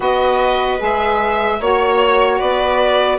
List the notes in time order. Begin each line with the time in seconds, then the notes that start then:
0.00 B3 F#4 B4 D#5
0.78 G#3 G#4 E5
1.60 A#3 F#4 C#5
2.38 B3 B4 D5